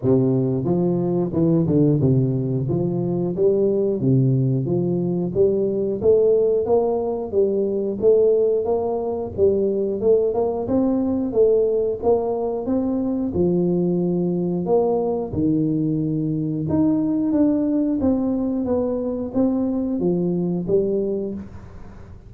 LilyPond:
\new Staff \with { instrumentName = "tuba" } { \time 4/4 \tempo 4 = 90 c4 f4 e8 d8 c4 | f4 g4 c4 f4 | g4 a4 ais4 g4 | a4 ais4 g4 a8 ais8 |
c'4 a4 ais4 c'4 | f2 ais4 dis4~ | dis4 dis'4 d'4 c'4 | b4 c'4 f4 g4 | }